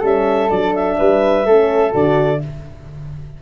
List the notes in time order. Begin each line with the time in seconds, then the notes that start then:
0.00 G3 C#4 A4 E5
0.50 F#3 D4 D5
0.74 E5
0.98 G3 B4
1.46 A3 C#4 A4
1.91 D3 F#4 D5